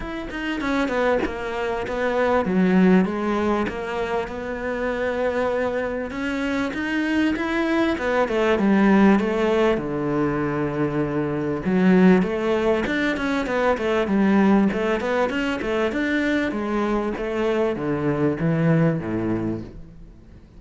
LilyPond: \new Staff \with { instrumentName = "cello" } { \time 4/4 \tempo 4 = 98 e'8 dis'8 cis'8 b8 ais4 b4 | fis4 gis4 ais4 b4~ | b2 cis'4 dis'4 | e'4 b8 a8 g4 a4 |
d2. fis4 | a4 d'8 cis'8 b8 a8 g4 | a8 b8 cis'8 a8 d'4 gis4 | a4 d4 e4 a,4 | }